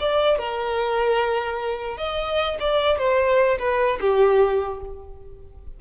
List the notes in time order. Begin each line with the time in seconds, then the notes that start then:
0.00 D5
0.38 A#4
1.98 D#5
2.60 D5
2.98 C5
3.59 B4
4.01 G4